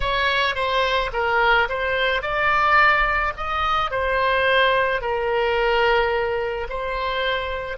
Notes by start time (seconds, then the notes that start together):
0.00 C#5
0.55 C5
1.13 A#4
1.68 C5
2.22 D5
3.36 D#5
3.90 C5
5.01 A#4
6.69 C5